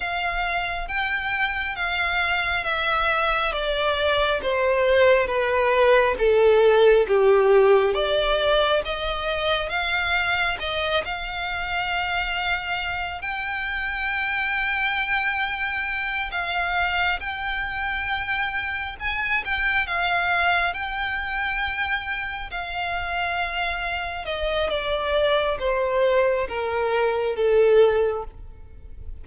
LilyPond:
\new Staff \with { instrumentName = "violin" } { \time 4/4 \tempo 4 = 68 f''4 g''4 f''4 e''4 | d''4 c''4 b'4 a'4 | g'4 d''4 dis''4 f''4 | dis''8 f''2~ f''8 g''4~ |
g''2~ g''8 f''4 g''8~ | g''4. gis''8 g''8 f''4 g''8~ | g''4. f''2 dis''8 | d''4 c''4 ais'4 a'4 | }